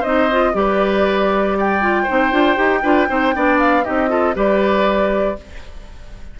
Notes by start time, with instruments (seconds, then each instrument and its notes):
0.00 bassoon C4, clarinet D#4, oboe C5, flute D#5
0.31 clarinet F4
0.54 bassoon G3, clarinet G4, oboe B4, flute D5
1.58 oboe D5, flute G5
1.81 clarinet F4
2.03 clarinet D#4, oboe C5
2.10 bassoon C4
2.32 bassoon D4, clarinet F4
2.56 bassoon D#4, clarinet G4
2.83 bassoon D4, clarinet F4, oboe B4
3.08 bassoon C4, clarinet D#4, oboe C5
3.35 bassoon B3, clarinet D4, oboe D5
3.59 flute F5
3.84 bassoon C4, clarinet D#4, oboe G4, flute D#5
4.08 clarinet F4, oboe A4
4.34 bassoon G3, clarinet G4, oboe B4, flute D5